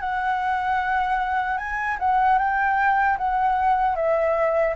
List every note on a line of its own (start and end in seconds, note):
0.00 1.58 F#5
1.58 1.97 G#5
1.99 2.38 F#5
2.38 3.17 G5
3.17 3.95 F#5
3.95 4.74 E5